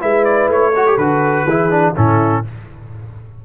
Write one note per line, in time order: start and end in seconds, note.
0.00 0.48 G#3
0.00 0.73 E4
0.00 0.73 B4
0.00 0.25 E5
0.25 0.49 D5
0.48 0.97 A3
0.48 0.97 C#5
0.73 0.87 F#4
0.73 1.45 A4
0.87 0.99 G4
0.97 1.44 D3
0.97 1.48 F#4
0.97 1.94 B4
1.44 1.93 E3
1.44 1.70 E4
1.44 1.94 G#4
1.70 1.94 D4
1.95 2.45 A2
1.95 2.44 C#4
1.95 2.43 E4
1.95 2.45 A4